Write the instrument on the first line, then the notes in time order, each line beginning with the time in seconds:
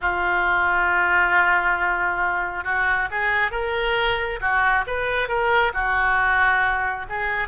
oboe
0.01 F4
2.64 F#4
3.10 G#4
3.51 A#4
4.40 F#4
4.86 B4
5.28 A#4
5.73 F#4
7.09 G#4